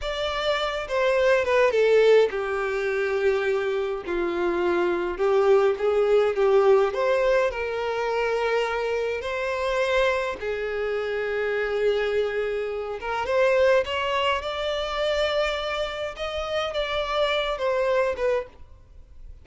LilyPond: \new Staff \with { instrumentName = "violin" } { \time 4/4 \tempo 4 = 104 d''4. c''4 b'8 a'4 | g'2. f'4~ | f'4 g'4 gis'4 g'4 | c''4 ais'2. |
c''2 gis'2~ | gis'2~ gis'8 ais'8 c''4 | cis''4 d''2. | dis''4 d''4. c''4 b'8 | }